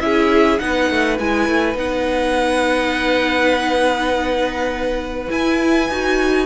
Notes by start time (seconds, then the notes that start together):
0.00 C#4 E4 G#4 E5
0.59 B3 D#4 B4 F#5
0.90 A3
1.19 G#3 E4 G#5
1.49 A3
1.75 B3 D#4 F#5
5.28 E4 G#5
5.90 D#4 F#4